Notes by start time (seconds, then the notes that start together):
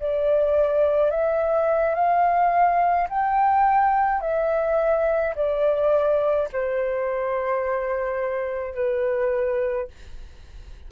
0.00 D5
1.11 E5
1.95 F5
3.09 G5
4.21 E5
5.36 D5
6.53 C5
8.75 B4